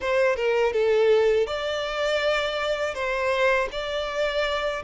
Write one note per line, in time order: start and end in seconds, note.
0.00 0.35 C5
0.35 0.72 A#4
0.72 1.46 A4
1.46 2.94 D5
2.94 3.68 C5
3.71 4.82 D5